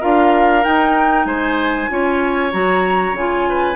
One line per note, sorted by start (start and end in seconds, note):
0.00 0.66 D4
0.00 0.63 F4
0.00 1.26 A#4
0.00 0.64 F5
0.63 1.89 D#4
0.63 1.25 D#4
0.63 1.25 G5
1.25 1.88 G#3
1.25 1.90 C5
1.25 2.51 G#5
1.89 2.53 C#4
1.89 2.52 F4
1.89 3.49 C#5
2.52 3.12 F#3
2.52 3.15 F#4
2.52 3.16 A#5
3.12 3.76 C#3
3.12 3.76 F4
3.12 3.76 G#5
3.49 3.76 B4